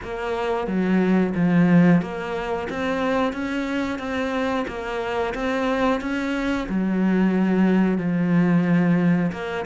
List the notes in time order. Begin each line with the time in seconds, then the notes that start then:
0.03 A#3
0.67 F#3
1.35 F3
2.01 A#3
2.69 C4
3.32 C#4
3.98 C4
4.67 A#3
5.34 C4
6.00 C#4
6.68 F#3
7.98 F3
9.32 A#3